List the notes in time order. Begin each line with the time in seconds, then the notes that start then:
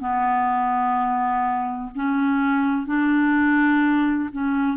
0.00 B3
1.95 C#4
2.87 D4
4.32 C#4